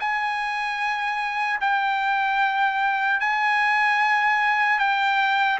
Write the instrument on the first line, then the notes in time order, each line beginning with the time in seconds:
trumpet
0.00 G#5
1.61 G5
3.21 G#5
4.79 G5